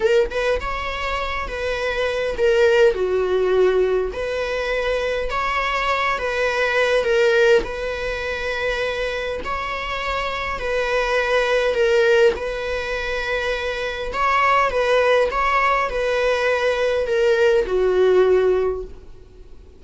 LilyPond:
\new Staff \with { instrumentName = "viola" } { \time 4/4 \tempo 4 = 102 ais'8 b'8 cis''4. b'4. | ais'4 fis'2 b'4~ | b'4 cis''4. b'4. | ais'4 b'2. |
cis''2 b'2 | ais'4 b'2. | cis''4 b'4 cis''4 b'4~ | b'4 ais'4 fis'2 | }